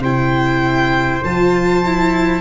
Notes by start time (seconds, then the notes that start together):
0.00 C3 E4 C5 G5
1.23 F3 F4 A5
1.85 E4